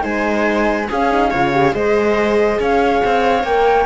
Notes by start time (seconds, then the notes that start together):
0.00 G#3 D#4 C5 G#5
0.88 C#4 G#4 F5
1.10 D#4
1.30 C#3 F4 C#5
1.53 G4
1.72 G#3 G#4 C5 D#5
2.59 C#4 C#5 F5
3.05 C4
3.43 A#3 A#4 G5